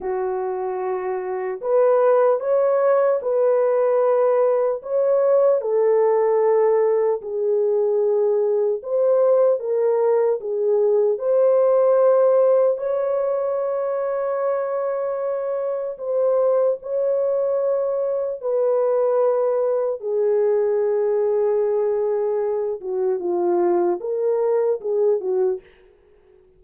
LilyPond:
\new Staff \with { instrumentName = "horn" } { \time 4/4 \tempo 4 = 75 fis'2 b'4 cis''4 | b'2 cis''4 a'4~ | a'4 gis'2 c''4 | ais'4 gis'4 c''2 |
cis''1 | c''4 cis''2 b'4~ | b'4 gis'2.~ | gis'8 fis'8 f'4 ais'4 gis'8 fis'8 | }